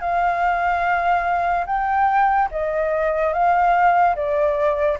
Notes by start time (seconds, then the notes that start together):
0.00 F5
1.66 G5
2.51 D#5
3.33 F5
4.15 D5